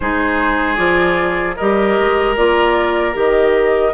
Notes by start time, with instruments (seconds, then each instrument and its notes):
0.00 bassoon G#3, clarinet D#4, oboe G#4, flute C5
0.76 bassoon F3, clarinet F4, flute D5
1.56 bassoon G3, clarinet G4, oboe A#4, flute D#5
1.99 bassoon G#3
2.36 bassoon A#3, clarinet F4, flute D5
3.13 bassoon D#3, clarinet G4, flute D#5